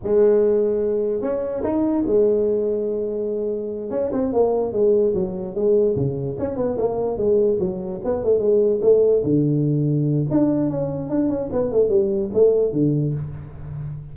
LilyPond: \new Staff \with { instrumentName = "tuba" } { \time 4/4 \tempo 4 = 146 gis2. cis'4 | dis'4 gis2.~ | gis4. cis'8 c'8 ais4 gis8~ | gis8 fis4 gis4 cis4 cis'8 |
b8 ais4 gis4 fis4 b8 | a8 gis4 a4 d4.~ | d4 d'4 cis'4 d'8 cis'8 | b8 a8 g4 a4 d4 | }